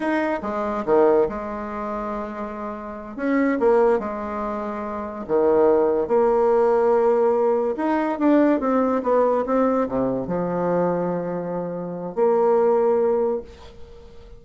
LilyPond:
\new Staff \with { instrumentName = "bassoon" } { \time 4/4 \tempo 4 = 143 dis'4 gis4 dis4 gis4~ | gis2.~ gis8 cis'8~ | cis'8 ais4 gis2~ gis8~ | gis8 dis2 ais4.~ |
ais2~ ais8 dis'4 d'8~ | d'8 c'4 b4 c'4 c8~ | c8 f2.~ f8~ | f4 ais2. | }